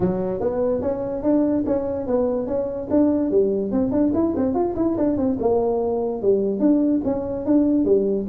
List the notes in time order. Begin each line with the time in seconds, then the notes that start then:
0.00 F#3
0.40 B3
0.81 C#4
1.22 D4
1.66 C#4
2.06 B3
2.46 C#4
2.90 D4
3.30 G3
3.71 C4
3.91 D4
4.14 E4
4.36 C4
4.54 F4
4.75 E4
4.97 D4
5.17 C4
5.39 A#3
6.22 G3
6.59 D4
7.04 C#4
7.45 D4
7.84 G3